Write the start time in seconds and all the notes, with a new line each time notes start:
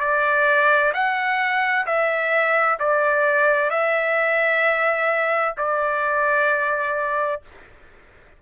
0.00 D5
0.93 F#5
1.86 E5
2.79 D5
3.70 E5
5.57 D5